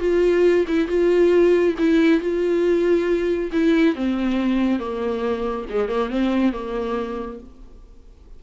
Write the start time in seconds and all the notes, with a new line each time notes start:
0.00 F4
0.67 E4
0.88 F4
1.78 E4
2.20 F4
3.52 E4
3.95 C4
4.79 A#3
5.70 G#3
5.88 A#3
6.10 C4
6.52 A#3